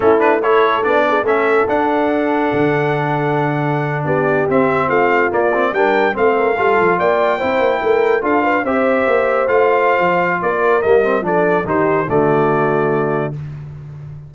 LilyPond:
<<
  \new Staff \with { instrumentName = "trumpet" } { \time 4/4 \tempo 4 = 144 a'8 b'8 cis''4 d''4 e''4 | fis''1~ | fis''4.~ fis''16 d''4 e''4 f''16~ | f''8. d''4 g''4 f''4~ f''16~ |
f''8. g''2. f''16~ | f''8. e''2 f''4~ f''16~ | f''4 d''4 dis''4 d''4 | c''4 d''2. | }
  \new Staff \with { instrumentName = "horn" } { \time 4/4 e'4 a'4. gis'8 a'4~ | a'1~ | a'4.~ a'16 g'2 f'16~ | f'4.~ f'16 ais'4 c''8 ais'8 a'16~ |
a'8. d''4 c''4 ais'4 a'16~ | a'16 b'8 c''2.~ c''16~ | c''4 ais'2 a'4 | g'4 fis'2. | }
  \new Staff \with { instrumentName = "trombone" } { \time 4/4 cis'8 d'8 e'4 d'4 cis'4 | d'1~ | d'2~ d'8. c'4~ c'16~ | c'8. ais8 c'8 d'4 c'4 f'16~ |
f'4.~ f'16 e'2 f'16~ | f'8. g'2 f'4~ f'16~ | f'2 ais8 c'8 d'4 | dis'4 a2. | }
  \new Staff \with { instrumentName = "tuba" } { \time 4/4 a2 b4 a4 | d'2 d2~ | d4.~ d16 b4 c'4 a16~ | a8. ais4 g4 a4 g16~ |
g16 f8 ais4 c'8 ais8 a4 d'16~ | d'8. c'4 ais4 a4~ a16 | f4 ais4 g4 f4 | dis4 d2. | }
>>